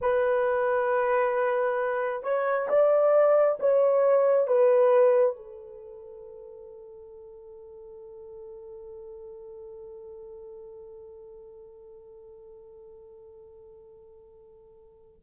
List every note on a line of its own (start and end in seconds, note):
0.01 2.23 B4
2.23 2.68 C#5
2.68 3.58 D5
3.59 4.47 C#5
4.47 5.35 B4
5.35 15.20 A4